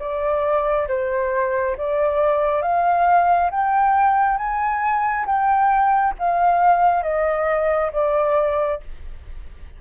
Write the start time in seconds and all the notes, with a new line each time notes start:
0.00 D5
0.88 C5
1.78 D5
2.62 F5
3.51 G5
4.38 G#5
5.26 G5
6.19 F5
7.03 D#5
7.93 D5